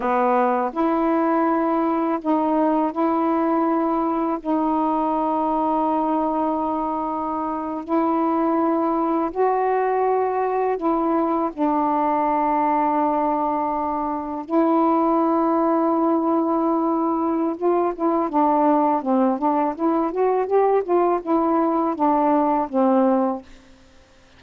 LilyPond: \new Staff \with { instrumentName = "saxophone" } { \time 4/4 \tempo 4 = 82 b4 e'2 dis'4 | e'2 dis'2~ | dis'2~ dis'8. e'4~ e'16~ | e'8. fis'2 e'4 d'16~ |
d'2.~ d'8. e'16~ | e'1 | f'8 e'8 d'4 c'8 d'8 e'8 fis'8 | g'8 f'8 e'4 d'4 c'4 | }